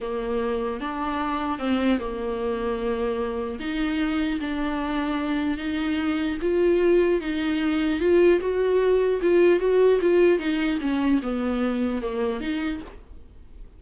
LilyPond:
\new Staff \with { instrumentName = "viola" } { \time 4/4 \tempo 4 = 150 ais2 d'2 | c'4 ais2.~ | ais4 dis'2 d'4~ | d'2 dis'2 |
f'2 dis'2 | f'4 fis'2 f'4 | fis'4 f'4 dis'4 cis'4 | b2 ais4 dis'4 | }